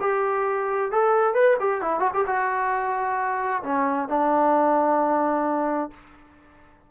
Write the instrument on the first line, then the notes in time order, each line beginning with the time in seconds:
trombone
0.00 G4
0.91 A4
1.34 B4
1.60 G4
1.81 E4
2.00 F#4
2.13 G4
2.26 F#4
3.63 C#4
4.08 D4